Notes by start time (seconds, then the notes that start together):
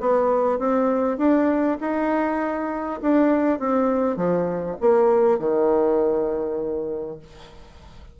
0.00 B3
0.59 C4
1.18 D4
1.81 D#4
3.02 D4
3.59 C4
4.16 F3
4.81 A#3
5.39 D#3